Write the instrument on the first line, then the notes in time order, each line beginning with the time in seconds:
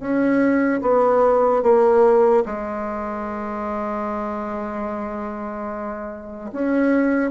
bassoon
0.00 C#4
0.82 B3
1.63 A#3
2.46 G#3
6.52 C#4